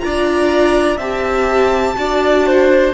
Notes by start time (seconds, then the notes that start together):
0.00 D4 F4 D5 A#5
0.97 C4 G4 E5 A5
1.96 D4 F#4 D5
2.46 C5